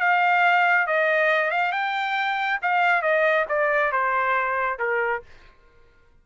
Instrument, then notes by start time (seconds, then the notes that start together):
trumpet
0.00 F5
0.87 D#5
1.51 F5
1.73 G5
2.63 F5
3.02 D#5
3.49 D5
3.92 C5
4.79 A#4